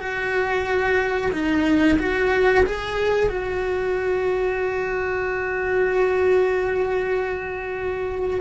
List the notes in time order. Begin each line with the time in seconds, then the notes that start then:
0.00 F#4
1.32 D#4
1.99 F#4
2.66 G#4
3.29 F#4